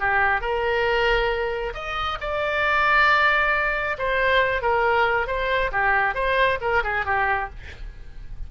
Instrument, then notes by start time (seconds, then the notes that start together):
oboe
0.00 G4
0.41 A#4
1.74 D#5
2.21 D5
3.98 C5
4.62 A#4
5.27 C5
5.72 G4
6.15 C5
6.61 A#4
6.83 G#4
7.05 G4